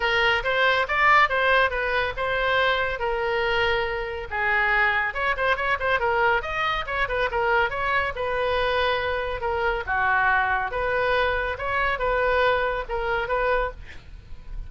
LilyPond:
\new Staff \with { instrumentName = "oboe" } { \time 4/4 \tempo 4 = 140 ais'4 c''4 d''4 c''4 | b'4 c''2 ais'4~ | ais'2 gis'2 | cis''8 c''8 cis''8 c''8 ais'4 dis''4 |
cis''8 b'8 ais'4 cis''4 b'4~ | b'2 ais'4 fis'4~ | fis'4 b'2 cis''4 | b'2 ais'4 b'4 | }